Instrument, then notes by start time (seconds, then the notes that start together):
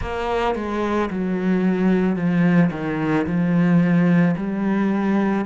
cello
0.01 A#3
0.55 G#3
1.10 F#3
2.15 F3
2.71 D#3
3.26 F3
4.36 G3